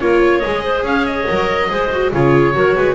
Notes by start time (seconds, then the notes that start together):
0.00 A#3 F4 A#4 C#5
0.22 C#5
0.39 G#3 G#4 D#5
0.64 C5
0.83 C#4 C#5 F5
1.06 D#5
1.28 F#3 A#4
1.69 G#3 G#4 C5
1.92 F#4
2.12 C#3 F4 G#4 C#5
2.53 F#3 F#4 A#4
2.75 G#3 B4